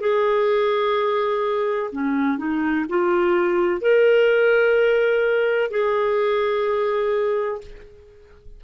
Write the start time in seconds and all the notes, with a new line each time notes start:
0.00 G#4
1.92 C#4
2.37 D#4
2.89 F4
3.81 A#4
5.70 G#4